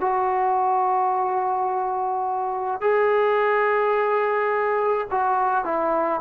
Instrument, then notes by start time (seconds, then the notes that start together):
trombone
0.00 F#4
2.80 G#4
5.11 F#4
5.64 E4